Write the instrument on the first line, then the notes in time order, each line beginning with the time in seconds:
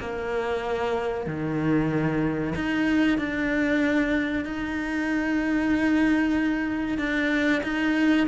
cello
0.00 A#3
1.27 D#3
2.56 D#4
3.19 D4
4.45 D#4
6.98 D4
7.64 D#4